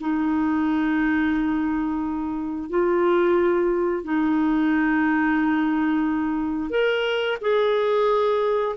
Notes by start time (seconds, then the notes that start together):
0.00 D#4
2.69 F4
4.04 D#4
6.70 A#4
7.41 G#4